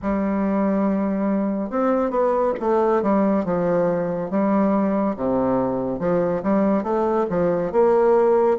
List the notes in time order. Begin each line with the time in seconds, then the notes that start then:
0.02 G3
1.69 C4
2.10 B3
2.59 A3
3.02 G3
3.44 F3
4.30 G3
5.16 C3
5.99 F3
6.42 G3
6.83 A3
7.29 F3
7.71 A#3